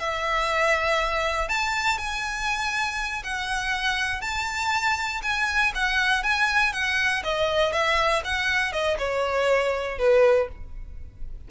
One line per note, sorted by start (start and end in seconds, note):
0.00 1.49 E5
1.49 1.98 A5
1.98 3.23 G#5
3.24 4.22 F#5
4.22 5.22 A5
5.23 5.73 G#5
5.75 6.24 F#5
6.24 6.73 G#5
6.73 7.23 F#5
7.24 7.73 D#5
7.73 8.23 E5
8.25 8.73 F#5
8.73 8.98 D#5
8.99 9.99 C#5
9.99 10.49 B4